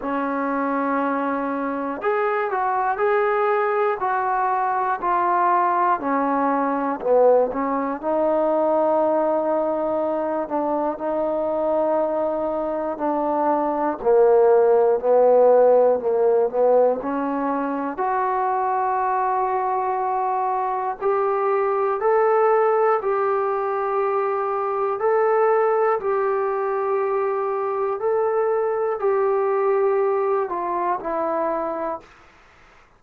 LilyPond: \new Staff \with { instrumentName = "trombone" } { \time 4/4 \tempo 4 = 60 cis'2 gis'8 fis'8 gis'4 | fis'4 f'4 cis'4 b8 cis'8 | dis'2~ dis'8 d'8 dis'4~ | dis'4 d'4 ais4 b4 |
ais8 b8 cis'4 fis'2~ | fis'4 g'4 a'4 g'4~ | g'4 a'4 g'2 | a'4 g'4. f'8 e'4 | }